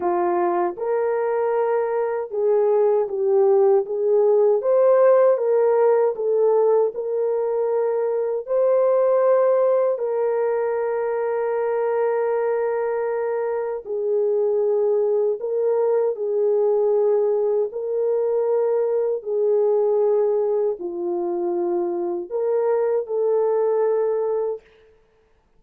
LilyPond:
\new Staff \with { instrumentName = "horn" } { \time 4/4 \tempo 4 = 78 f'4 ais'2 gis'4 | g'4 gis'4 c''4 ais'4 | a'4 ais'2 c''4~ | c''4 ais'2.~ |
ais'2 gis'2 | ais'4 gis'2 ais'4~ | ais'4 gis'2 f'4~ | f'4 ais'4 a'2 | }